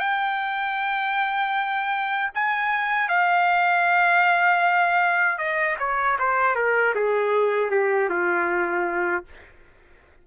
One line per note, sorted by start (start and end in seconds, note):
0.00 2.31 G5
2.35 3.09 G#5
3.09 5.38 F5
5.38 5.77 D#5
5.79 6.17 C#5
6.19 6.56 C5
6.56 6.94 A#4
6.95 7.71 G#4
7.71 8.09 G4
8.09 9.25 F4